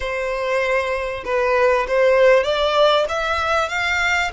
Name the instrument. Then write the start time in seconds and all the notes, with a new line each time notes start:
violin
0.00 C5
1.24 B4
1.87 C5
2.43 D5
3.08 E5
3.68 F5